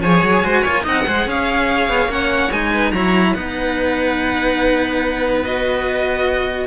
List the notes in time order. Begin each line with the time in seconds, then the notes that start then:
0.00 F3 G#4 C#5 G#5
0.22 F#3
0.43 G#3 F#4 C5
0.61 A#3 F4 C#5
0.83 C4 D#4 D#5 F#5
1.06 G#3 G#4 C5
1.26 C#4 C#5 F5
1.89 B3
2.05 A#3 C#4
2.11 F#5
2.51 G#3 D#4 G#5
2.71 B4
2.91 F#3 E4 C#5 A#5
3.33 B3 D#4 B4 F#5
5.44 F#4 D#5